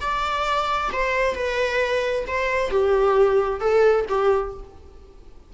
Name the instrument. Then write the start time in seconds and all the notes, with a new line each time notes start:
viola
0.00 D5
0.92 C5
1.35 B4
2.27 C5
2.70 G4
3.60 A4
4.08 G4